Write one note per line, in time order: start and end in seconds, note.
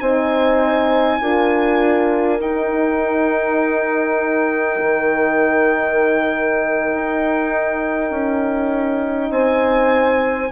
0.00 1.20 C4
0.00 1.20 D#4
0.00 1.20 C5
0.00 2.40 G#5
1.20 2.39 D4
1.20 2.40 F4
1.20 9.31 A#4
2.39 4.79 D#4
2.39 10.51 D#4
2.39 9.30 G5
4.81 6.91 D#3
6.94 8.10 D#4
8.10 9.29 C#4
9.29 10.50 C4
9.29 10.51 C5
9.29 10.51 G#5